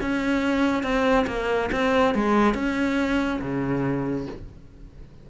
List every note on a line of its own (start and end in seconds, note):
0.00 0.83 C#4
0.83 1.25 C4
1.27 1.69 A#3
1.71 2.14 C4
2.14 2.54 G#3
2.54 3.39 C#4
3.41 4.26 C#3